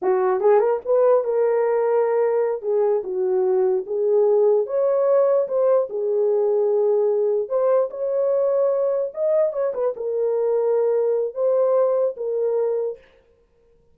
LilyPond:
\new Staff \with { instrumentName = "horn" } { \time 4/4 \tempo 4 = 148 fis'4 gis'8 ais'8 b'4 ais'4~ | ais'2~ ais'8 gis'4 fis'8~ | fis'4. gis'2 cis''8~ | cis''4. c''4 gis'4.~ |
gis'2~ gis'8 c''4 cis''8~ | cis''2~ cis''8 dis''4 cis''8 | b'8 ais'2.~ ais'8 | c''2 ais'2 | }